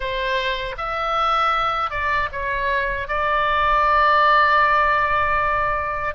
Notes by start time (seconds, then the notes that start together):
0.00 C5
0.77 E5
1.90 D5
2.31 C#5
3.08 D5